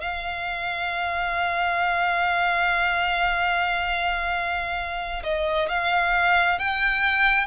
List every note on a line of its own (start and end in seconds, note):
0.00 5.23 F5
5.23 5.69 D#5
5.69 6.59 F5
6.59 7.46 G5